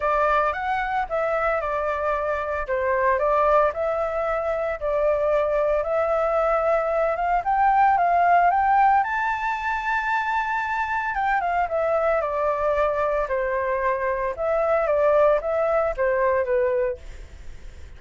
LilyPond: \new Staff \with { instrumentName = "flute" } { \time 4/4 \tempo 4 = 113 d''4 fis''4 e''4 d''4~ | d''4 c''4 d''4 e''4~ | e''4 d''2 e''4~ | e''4. f''8 g''4 f''4 |
g''4 a''2.~ | a''4 g''8 f''8 e''4 d''4~ | d''4 c''2 e''4 | d''4 e''4 c''4 b'4 | }